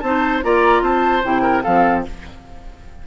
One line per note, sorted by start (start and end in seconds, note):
0.00 0.44 C4
0.00 0.43 D#4
0.00 0.45 C5
0.00 0.41 A5
0.43 0.82 A#3
0.43 1.23 F4
0.43 0.83 D5
0.43 0.84 A#5
0.82 1.23 C4
0.82 1.42 C5
0.82 1.24 A5
1.23 1.66 C3
1.23 1.64 E4
1.23 1.64 G5
1.42 1.63 A#4
1.63 2.07 F3
1.63 2.06 C4
1.63 2.04 A4
1.63 2.05 F5